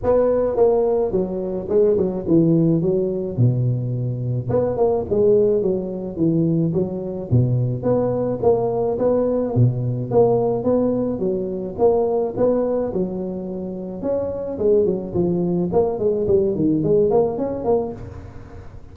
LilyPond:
\new Staff \with { instrumentName = "tuba" } { \time 4/4 \tempo 4 = 107 b4 ais4 fis4 gis8 fis8 | e4 fis4 b,2 | b8 ais8 gis4 fis4 e4 | fis4 b,4 b4 ais4 |
b4 b,4 ais4 b4 | fis4 ais4 b4 fis4~ | fis4 cis'4 gis8 fis8 f4 | ais8 gis8 g8 dis8 gis8 ais8 cis'8 ais8 | }